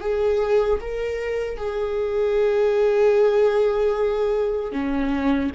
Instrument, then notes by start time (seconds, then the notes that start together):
viola
0.00 G#4
0.81 A#4
1.57 G#4
4.72 C#4